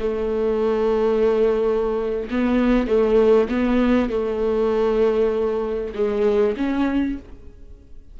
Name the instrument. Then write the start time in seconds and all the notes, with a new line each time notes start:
viola
0.00 A3
2.31 B3
2.88 A3
3.49 B3
4.10 A3
5.95 G#3
6.57 C#4